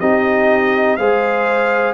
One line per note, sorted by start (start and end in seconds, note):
0.00 0.98 C4
0.00 0.98 D#4
0.00 0.97 G4
0.00 0.97 D#5
0.97 1.94 G#3
0.97 1.94 G#4
0.97 1.94 C5
0.97 1.93 F5